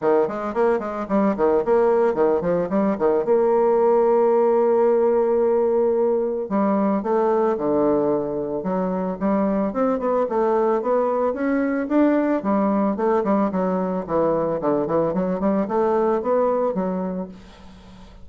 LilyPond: \new Staff \with { instrumentName = "bassoon" } { \time 4/4 \tempo 4 = 111 dis8 gis8 ais8 gis8 g8 dis8 ais4 | dis8 f8 g8 dis8 ais2~ | ais1 | g4 a4 d2 |
fis4 g4 c'8 b8 a4 | b4 cis'4 d'4 g4 | a8 g8 fis4 e4 d8 e8 | fis8 g8 a4 b4 fis4 | }